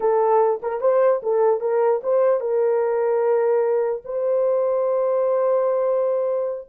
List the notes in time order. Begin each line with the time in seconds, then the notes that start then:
0.00 A4
0.62 A#4
0.80 C5
1.22 A4
1.60 A#4
2.03 C5
2.40 A#4
4.04 C5